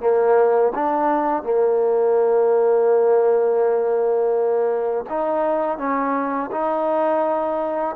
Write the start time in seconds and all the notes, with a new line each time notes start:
0.00 A#3
0.74 D4
1.43 A#3
5.09 D#4
5.78 C#4
6.51 D#4